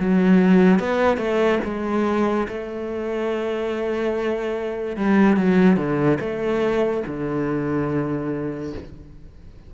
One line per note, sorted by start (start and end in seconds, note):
0.00 0.80 F#3
0.80 1.17 B3
1.17 1.59 A3
1.64 2.47 G#3
2.48 4.97 A3
4.97 5.37 G3
5.37 5.77 F#3
5.77 6.18 D3
6.20 7.03 A3
7.07 8.73 D3